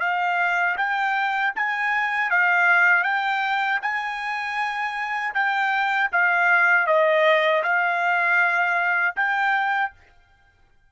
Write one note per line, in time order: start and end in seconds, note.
0.00 0.76 F5
0.78 1.54 G5
1.56 2.31 G#5
2.31 3.04 F5
3.04 3.80 G5
3.82 5.34 G#5
5.34 6.10 G5
6.12 6.87 F5
6.87 7.63 D#5
7.64 9.16 F5
9.17 9.93 G5